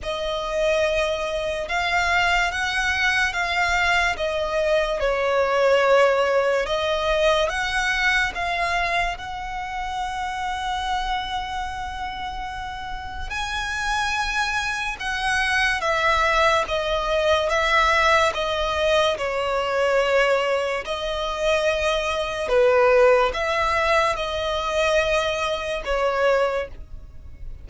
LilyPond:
\new Staff \with { instrumentName = "violin" } { \time 4/4 \tempo 4 = 72 dis''2 f''4 fis''4 | f''4 dis''4 cis''2 | dis''4 fis''4 f''4 fis''4~ | fis''1 |
gis''2 fis''4 e''4 | dis''4 e''4 dis''4 cis''4~ | cis''4 dis''2 b'4 | e''4 dis''2 cis''4 | }